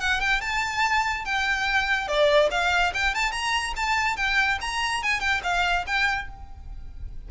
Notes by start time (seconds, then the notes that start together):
0.00 F#5
0.20 G5
0.41 A5
1.25 G5
2.07 D5
2.50 F5
2.93 G5
3.14 A5
3.31 A#5
3.76 A5
4.16 G5
4.61 A#5
5.03 G#5
5.20 G5
5.43 F5
5.86 G5